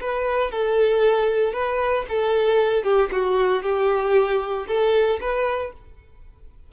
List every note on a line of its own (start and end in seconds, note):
0.00 0.51 B4
0.51 1.53 A4
1.53 2.05 B4
2.08 2.83 A4
2.83 3.09 G4
3.11 3.62 F#4
3.62 4.66 G4
4.67 5.19 A4
5.20 5.72 B4